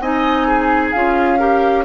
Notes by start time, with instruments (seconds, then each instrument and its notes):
0.00 bassoon C4, clarinet D#4, oboe D#5, flute G#5
0.48 oboe G#4
0.92 bassoon C#4, clarinet F4, flute F5
1.39 clarinet G4, oboe A#4